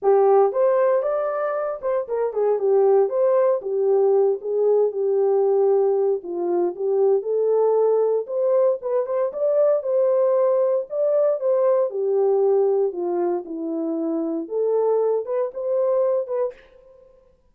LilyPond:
\new Staff \with { instrumentName = "horn" } { \time 4/4 \tempo 4 = 116 g'4 c''4 d''4. c''8 | ais'8 gis'8 g'4 c''4 g'4~ | g'8 gis'4 g'2~ g'8 | f'4 g'4 a'2 |
c''4 b'8 c''8 d''4 c''4~ | c''4 d''4 c''4 g'4~ | g'4 f'4 e'2 | a'4. b'8 c''4. b'8 | }